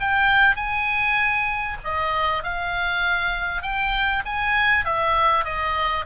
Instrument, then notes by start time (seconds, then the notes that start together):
oboe
0.00 G5
0.56 G#5
1.84 D#5
2.44 F5
3.62 G5
4.25 G#5
4.85 E5
5.44 D#5